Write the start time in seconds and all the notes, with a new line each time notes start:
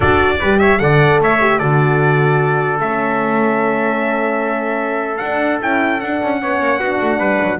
0.00 D4 F#4 A4 D5
0.40 G3 G4 B4
0.59 C#5 E5
0.78 D3 A4 D5 F#5
1.20 A3 C#5 E5
1.40 G4
1.58 D3 F#4 A4 D5
2.79 A3 C#4 E5
5.17 D4 F#5
5.60 C#4 E4 G5
6.00 D4 F#5
6.22 C#4
6.41 B3 C#4 C#5
6.60 A#3
6.78 B3 D4 F#4
7.01 A3
7.18 G3 B4
7.42 F#3